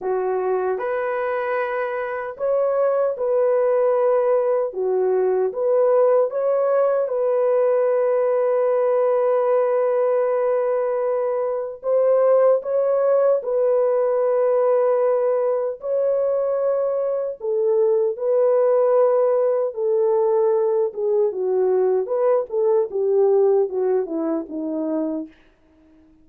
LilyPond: \new Staff \with { instrumentName = "horn" } { \time 4/4 \tempo 4 = 76 fis'4 b'2 cis''4 | b'2 fis'4 b'4 | cis''4 b'2.~ | b'2. c''4 |
cis''4 b'2. | cis''2 a'4 b'4~ | b'4 a'4. gis'8 fis'4 | b'8 a'8 g'4 fis'8 e'8 dis'4 | }